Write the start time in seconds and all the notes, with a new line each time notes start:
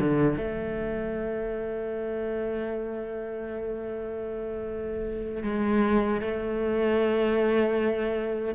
0.00 D3
0.38 A3
5.44 G#3
6.22 A3